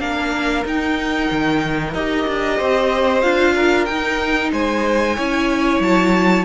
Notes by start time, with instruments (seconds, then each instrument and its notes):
0.00 cello A#3, viola D4, violin A#4 F5
0.65 cello D#4, viola D#4, violin G5
1.31 cello D#3
1.94 cello D#4, viola G4, violin D#5
2.28 cello D4
2.58 cello C4, violin C5
3.22 cello D4, viola F4, violin F5
3.55 violin A#4
3.86 cello D#4, viola D#4, violin G5
4.53 cello G#3, violin C5 G#5
5.16 cello C#4, viola E4, violin C#5
5.81 cello F#3, violin A5